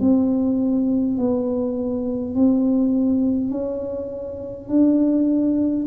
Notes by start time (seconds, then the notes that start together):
0.00 C4
1.18 B3
2.34 C4
3.50 C#4
4.68 D4